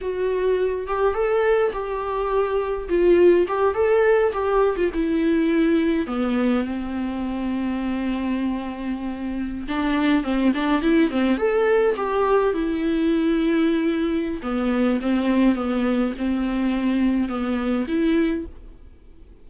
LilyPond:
\new Staff \with { instrumentName = "viola" } { \time 4/4 \tempo 4 = 104 fis'4. g'8 a'4 g'4~ | g'4 f'4 g'8 a'4 g'8~ | g'16 f'16 e'2 b4 c'8~ | c'1~ |
c'8. d'4 c'8 d'8 e'8 c'8 a'16~ | a'8. g'4 e'2~ e'16~ | e'4 b4 c'4 b4 | c'2 b4 e'4 | }